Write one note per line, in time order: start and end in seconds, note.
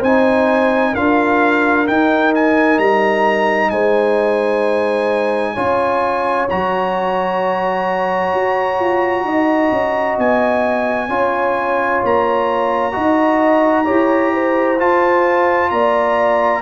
0.00 0.94 C4
0.00 0.96 D#4
0.00 0.92 C5
0.00 0.95 G#5
0.93 1.87 D4
0.93 1.88 F4
0.93 3.70 A#4
0.93 1.87 F5
1.87 2.78 D#4
1.87 5.56 D#4
1.87 2.34 G5
2.35 2.79 G#5
2.78 3.71 G3
2.78 3.70 A#5
3.70 5.56 G#3
3.70 5.54 C5
3.70 6.47 G#5
5.54 6.50 C#4
5.54 6.49 F4
5.54 9.24 C#5
6.49 8.34 F#3
6.49 11.09 F#4
6.49 10.19 A#5
8.34 8.80 F#4
8.80 9.24 F4
9.24 9.70 D#4
9.24 11.09 D#5
9.71 10.17 C#4
10.18 11.09 B3
10.18 12.04 G#5
11.09 12.02 C#4
11.09 12.92 F4
11.09 12.94 C#5
12.04 12.96 A#3
12.04 14.80 A#5
12.92 13.89 D#4
12.92 13.85 F#4
12.92 13.86 D#5
13.85 14.81 E4
13.85 14.78 G4
13.85 14.32 C#5
14.34 15.72 C5
14.79 16.62 F4
14.79 15.71 F4
14.79 15.70 A5
15.70 16.62 A#3
15.70 16.62 D5
15.70 16.62 A#5